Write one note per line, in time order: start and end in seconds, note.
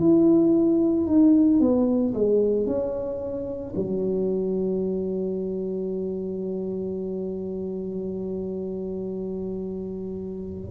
0.00 1.07 E4
1.07 1.60 D#4
1.60 2.14 B3
2.14 2.66 G#3
2.66 3.74 C#4
3.75 10.71 F#3